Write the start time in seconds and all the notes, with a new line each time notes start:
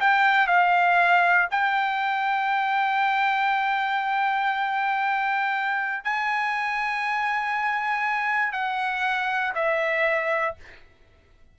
0.00 G5
0.47 F5
1.51 G5
6.04 G#5
8.52 F#5
9.55 E5